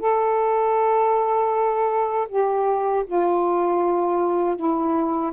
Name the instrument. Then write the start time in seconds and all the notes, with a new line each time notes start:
saxophone
0.00 A4
2.29 G4
3.07 F4
4.56 E4